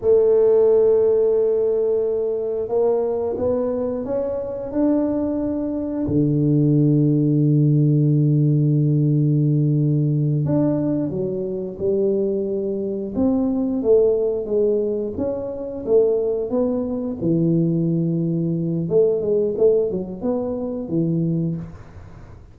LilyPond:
\new Staff \with { instrumentName = "tuba" } { \time 4/4 \tempo 4 = 89 a1 | ais4 b4 cis'4 d'4~ | d'4 d2.~ | d2.~ d8 d'8~ |
d'8 fis4 g2 c'8~ | c'8 a4 gis4 cis'4 a8~ | a8 b4 e2~ e8 | a8 gis8 a8 fis8 b4 e4 | }